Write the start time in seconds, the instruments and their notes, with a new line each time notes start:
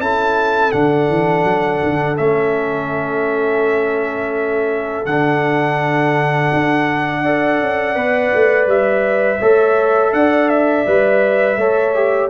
0.00 tuba C#4, trombone E4, horn A4, trumpet A5
0.72 tuba D3, trombone D4, trumpet F#5
1.09 tuba E3
1.45 tuba F#3
1.84 tuba D3
2.17 tuba A3, trombone C#4, trumpet E5
5.06 tuba D3, trombone D4, trumpet F#5
6.54 tuba D4
7.21 trombone A4, horn D5
7.62 tuba C#4
7.96 tuba B3, trombone B4
8.35 tuba A3
8.67 tuba G3, trumpet E5
9.39 tuba A3, trombone A4, horn C#5
10.13 tuba D4, horn D5, trumpet F#5
10.49 trumpet E5
10.87 tuba G3, trombone B4
11.57 tuba A3, trombone A4, horn C#5
11.95 trombone G4